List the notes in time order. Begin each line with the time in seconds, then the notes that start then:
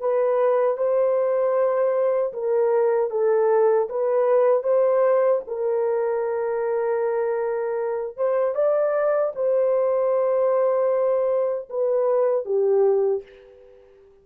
0.00 B4
0.77 C5
2.33 A#4
3.11 A4
3.89 B4
4.63 C5
5.47 A#4
8.17 C5
8.55 D5
9.35 C5
11.70 B4
12.45 G4